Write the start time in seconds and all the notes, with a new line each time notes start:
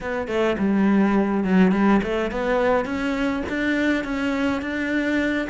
0.00 B3
0.27 A3
0.58 G3
1.43 F#3
1.72 G3
2.02 A3
2.31 B3
2.85 C#4
3.49 D4
4.04 C#4
4.61 D4